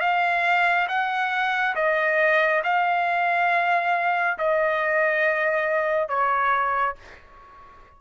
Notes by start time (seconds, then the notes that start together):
0.00 F5
0.88 F#5
1.75 D#5
2.64 F5
4.38 D#5
6.08 C#5